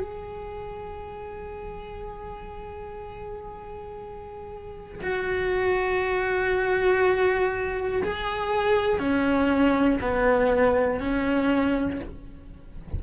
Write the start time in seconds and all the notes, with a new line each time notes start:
0.00 G#4
5.02 F#4
8.02 G#4
8.99 C#4
10.00 B3
11.00 C#4